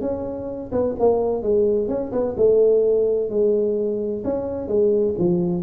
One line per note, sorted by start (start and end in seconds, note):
0.00 0.70 C#4
0.72 0.95 B3
0.99 1.42 A#3
1.42 1.88 G#3
1.88 2.11 C#4
2.12 2.35 B3
2.36 3.29 A3
3.29 4.23 G#3
4.24 4.67 C#4
4.67 5.14 G#3
5.18 5.62 F3